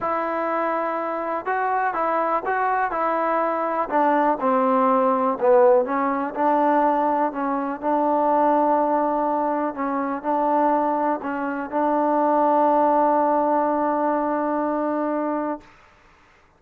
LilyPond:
\new Staff \with { instrumentName = "trombone" } { \time 4/4 \tempo 4 = 123 e'2. fis'4 | e'4 fis'4 e'2 | d'4 c'2 b4 | cis'4 d'2 cis'4 |
d'1 | cis'4 d'2 cis'4 | d'1~ | d'1 | }